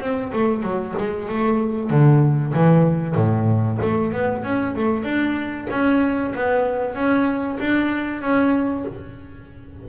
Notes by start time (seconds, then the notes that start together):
0.00 C4
0.33 A3
0.63 F#3
0.98 G#3
1.28 A3
1.90 D3
2.53 E3
3.15 A2
3.82 A3
4.13 B3
4.44 C#4
4.75 A3
5.04 D4
5.70 C#4
6.35 B3
6.95 C#4
7.60 D4
8.22 C#4